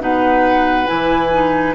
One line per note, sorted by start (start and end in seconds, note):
0.00 0.87 B2
0.00 0.87 D#4
0.00 1.75 B4
0.00 0.87 F#5
0.87 1.75 E3
0.87 1.30 E4
0.87 1.74 G#5
1.33 1.75 D#4